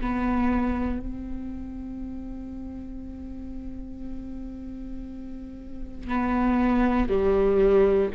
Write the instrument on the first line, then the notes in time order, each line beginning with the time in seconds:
viola
0.00 B3
0.99 C4
6.08 B3
7.08 G3